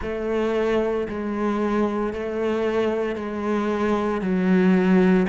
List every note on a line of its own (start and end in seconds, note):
0.02 1.07 A3
1.08 2.13 G#3
2.13 3.15 A3
3.15 4.21 G#3
4.21 5.26 F#3